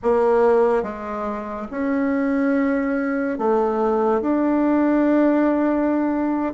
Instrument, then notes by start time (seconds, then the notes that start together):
bassoon
0.02 A#3
0.83 G#3
1.71 C#4
3.38 A3
4.21 D4